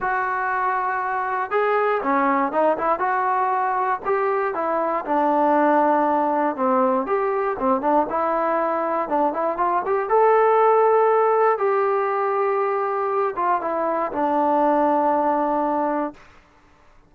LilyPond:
\new Staff \with { instrumentName = "trombone" } { \time 4/4 \tempo 4 = 119 fis'2. gis'4 | cis'4 dis'8 e'8 fis'2 | g'4 e'4 d'2~ | d'4 c'4 g'4 c'8 d'8 |
e'2 d'8 e'8 f'8 g'8 | a'2. g'4~ | g'2~ g'8 f'8 e'4 | d'1 | }